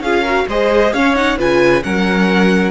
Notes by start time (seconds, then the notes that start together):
0.00 C#4 F4 G#4 F5
0.22 F#4 A#4
0.48 G#3 G#4 C5 D#5
0.93 C#4 C#5 F5
1.15 D#4 F#5
1.38 C#3 F4 B4 G#5
1.82 F#3 C#4 A#4 F#5